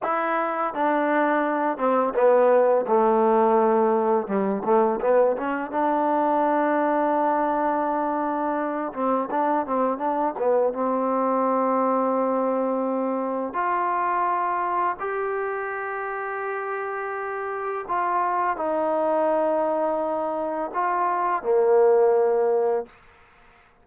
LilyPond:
\new Staff \with { instrumentName = "trombone" } { \time 4/4 \tempo 4 = 84 e'4 d'4. c'8 b4 | a2 g8 a8 b8 cis'8 | d'1~ | d'8 c'8 d'8 c'8 d'8 b8 c'4~ |
c'2. f'4~ | f'4 g'2.~ | g'4 f'4 dis'2~ | dis'4 f'4 ais2 | }